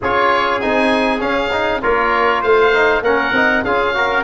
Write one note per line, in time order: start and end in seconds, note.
0.01 0.62 C#4
0.01 0.61 F4
0.01 1.82 G#4
0.01 0.60 C#5
0.60 1.22 C4
0.60 1.19 D#4
0.60 1.20 G#5
1.19 1.50 C#4
1.19 1.82 C#4
1.19 1.81 F5
1.52 1.82 D#4
1.82 2.43 A#3
1.82 2.72 F4
1.82 2.41 A#4
1.82 2.42 C#5
2.41 3.01 A3
2.41 3.02 C5
2.41 3.03 F5
2.73 3.03 D#4
3.01 3.31 A#3
3.01 3.34 C#4
3.01 3.64 A#4
3.01 3.64 F#5
3.32 3.62 C4
3.32 3.66 D#4
3.63 4.23 C#4
3.63 3.94 F4
3.63 3.95 G#4
3.63 4.24 F5
3.94 4.24 F#4
3.94 4.24 A#4